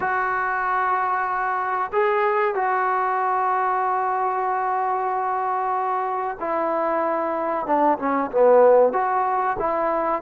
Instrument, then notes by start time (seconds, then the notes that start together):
trombone
0.00 F#4
1.92 G#4
2.54 F#4
6.39 E4
7.66 D4
7.98 C#4
8.31 B3
8.92 F#4
9.59 E4